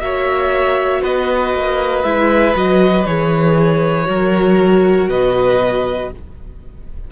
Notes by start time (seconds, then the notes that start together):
0.00 A#3 F#4 C#5 E5
1.01 B3 B4 D#5
1.54 A#3
2.03 G#3 E4 E5
2.54 F#3 F#4 D#5
3.05 E3 G#4 C#5
4.05 F#3 F#4 A#4
5.08 B2 B4 D#5